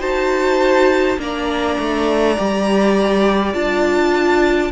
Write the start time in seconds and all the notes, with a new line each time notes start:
0.00 D#4 F#4 C5 A5
1.18 A#3 D4 D5 A#5
1.79 A3
2.37 G3 G4
3.54 D4 F4 A5